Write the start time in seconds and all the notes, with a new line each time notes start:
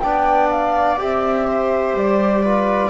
0.00 B3 D4 D5 G5
0.51 F5
0.98 C4 G4 E5
1.47 C5
1.94 G3 D5
2.44 F4 B4